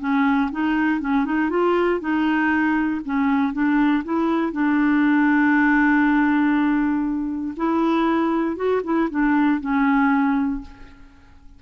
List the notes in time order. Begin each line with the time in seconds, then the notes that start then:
0.00 C#4
0.52 D#4
1.01 C#4
1.25 D#4
1.50 F4
2.00 D#4
3.05 C#4
3.53 D4
4.05 E4
4.52 D4
7.57 E4
8.56 F#4
8.84 E4
9.10 D4
9.61 C#4